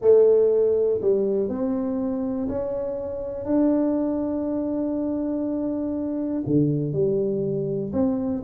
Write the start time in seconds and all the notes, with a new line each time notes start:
0.01 A3
1.01 G3
1.49 C4
2.48 C#4
3.45 D4
6.46 D3
6.92 G3
7.92 C4